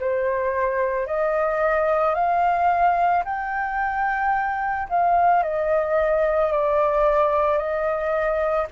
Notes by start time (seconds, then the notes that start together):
0.00 C5
1.07 D#5
2.15 F5
3.25 G5
4.89 F5
5.43 D#5
6.53 D5
7.58 D#5